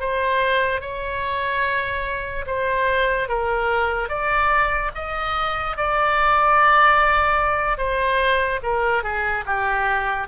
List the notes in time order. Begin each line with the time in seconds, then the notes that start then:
0.00 C5
0.81 C#5
2.46 C5
3.28 A#4
4.08 D5
4.95 D#5
5.77 D5
7.77 C5
8.63 A#4
9.03 G#4
9.46 G4